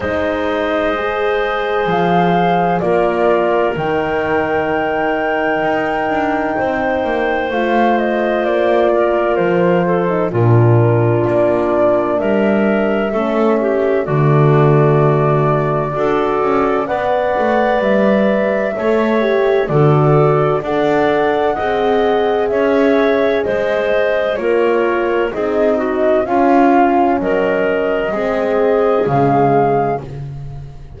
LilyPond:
<<
  \new Staff \with { instrumentName = "flute" } { \time 4/4 \tempo 4 = 64 dis''2 f''4 d''4 | g''1 | f''8 dis''8 d''4 c''4 ais'4 | d''4 e''2 d''4~ |
d''2 fis''4 e''4~ | e''4 d''4 fis''2 | e''4 dis''4 cis''4 dis''4 | f''4 dis''2 f''4 | }
  \new Staff \with { instrumentName = "clarinet" } { \time 4/4 c''2. ais'4~ | ais'2. c''4~ | c''4. ais'4 a'8 f'4~ | f'4 ais'4 a'8 g'8 fis'4~ |
fis'4 a'4 d''2 | cis''4 a'4 d''4 dis''4 | cis''4 c''4 ais'4 gis'8 fis'8 | f'4 ais'4 gis'2 | }
  \new Staff \with { instrumentName = "horn" } { \time 4/4 dis'4 gis'2 f'4 | dis'1 | f'2~ f'8. dis'16 d'4~ | d'2 cis'4 a4~ |
a4 fis'4 b'2 | a'8 g'8 fis'4 a'4 gis'4~ | gis'2 f'4 dis'4 | cis'2 c'4 gis4 | }
  \new Staff \with { instrumentName = "double bass" } { \time 4/4 gis2 f4 ais4 | dis2 dis'8 d'8 c'8 ais8 | a4 ais4 f4 ais,4 | ais4 g4 a4 d4~ |
d4 d'8 cis'8 b8 a8 g4 | a4 d4 d'4 c'4 | cis'4 gis4 ais4 c'4 | cis'4 fis4 gis4 cis4 | }
>>